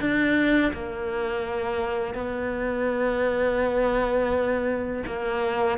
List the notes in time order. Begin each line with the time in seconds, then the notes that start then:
0.00 D4
0.73 A#3
2.14 B3
5.07 A#3